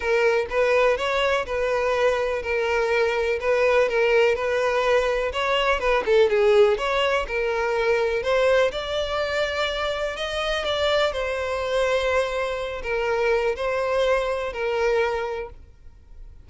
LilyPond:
\new Staff \with { instrumentName = "violin" } { \time 4/4 \tempo 4 = 124 ais'4 b'4 cis''4 b'4~ | b'4 ais'2 b'4 | ais'4 b'2 cis''4 | b'8 a'8 gis'4 cis''4 ais'4~ |
ais'4 c''4 d''2~ | d''4 dis''4 d''4 c''4~ | c''2~ c''8 ais'4. | c''2 ais'2 | }